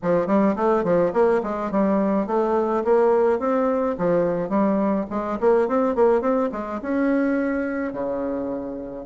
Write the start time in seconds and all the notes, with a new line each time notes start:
0.02 F3
0.27 G3
0.56 A3
0.83 F3
1.13 A#3
1.43 G#3
1.71 G3
2.26 A3
2.84 A#3
3.39 C4
3.98 F3
4.49 G3
5.10 G#3
5.40 A#3
5.68 C4
5.95 A#3
6.21 C4
6.52 G#3
6.82 C#4
7.92 C#3